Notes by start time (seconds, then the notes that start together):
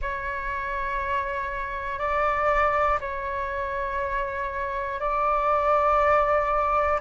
0.01 C#5
1.99 D5
3.00 C#5
5.00 D5